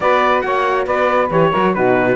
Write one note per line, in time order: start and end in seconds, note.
0.00 0.42 B3
0.00 1.31 F#4
0.00 0.44 B4
0.00 0.41 D5
0.41 0.86 A#3
0.41 0.85 C#5
0.41 0.84 F#5
0.85 1.29 B3
0.85 1.50 B4
0.85 1.30 D5
1.30 1.52 E3
1.30 1.53 G4
1.30 1.74 C#5
1.51 1.76 F#3
1.51 1.75 F#4
1.51 1.72 A#4
1.72 2.16 B2
1.72 2.16 D#4
1.72 2.16 F#4
1.72 2.16 B4